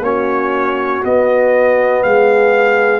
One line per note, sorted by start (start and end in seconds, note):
0.00 1.00 A#3
0.00 1.03 C#4
0.00 2.04 F#4
0.00 1.04 C#5
1.03 3.00 B3
1.03 2.04 B3
1.03 2.03 D#5
2.03 3.00 G#3
2.03 3.00 G#4
2.03 3.00 F5